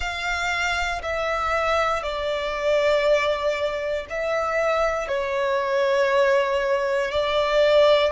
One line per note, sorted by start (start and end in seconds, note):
0.00 1.01 F5
1.02 2.02 E5
2.02 4.06 D5
4.09 5.08 E5
5.08 7.11 C#5
7.11 8.12 D5